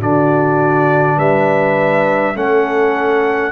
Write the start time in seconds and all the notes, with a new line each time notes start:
0.00 D3 D4 F#4 D5
1.17 G3 B4 E5
2.35 A3 C#4 A4 F#5